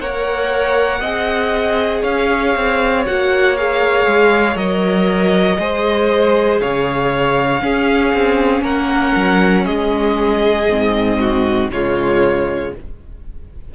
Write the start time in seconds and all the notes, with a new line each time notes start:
0.00 A#3 A#4 C#5 F#5
1.01 C4 G#4 D#5
2.02 C#4 C#5 F5
2.56 C4
3.06 A#3 F#4 F#5
3.57 G#4 F5
4.07 G#3
4.56 F#3 A#4 D#5
5.59 G#3 G#4 C5
6.61 C#3 C#5 F5
7.59 C#4 G#4
8.14 C4
8.62 A#3 A#4 F#5
9.16 F#3
9.66 G#3 G#4 D#5
10.69 G#2 C4
11.20 F#4
11.70 C#3 G#3 F4 C#5